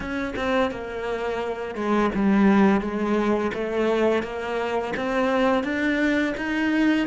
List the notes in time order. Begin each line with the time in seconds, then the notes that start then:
0.00 C#4
0.36 C4
0.71 A#3
1.75 G#3
2.14 G3
2.80 G#3
3.54 A3
4.23 A#3
4.96 C4
5.63 D4
6.37 D#4